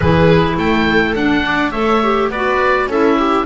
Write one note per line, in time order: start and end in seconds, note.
0.00 0.56 E3
0.00 1.16 E4
0.00 0.57 G#4
0.00 0.56 B4
0.56 1.14 A3
0.56 1.44 A4
0.56 1.15 G5
1.15 1.73 D4
1.15 1.72 D4
1.15 1.71 F#5
1.45 1.71 D5
1.71 2.29 A3
1.71 2.01 A4
1.71 2.28 C#5
1.71 2.28 E5
2.02 2.31 G4
2.29 2.86 B3
2.29 2.88 B4
2.29 2.89 D5
2.35 2.90 F#4
2.86 3.44 C#4
2.86 3.46 E4
2.86 3.17 A4
2.86 3.46 E5
3.18 3.46 G4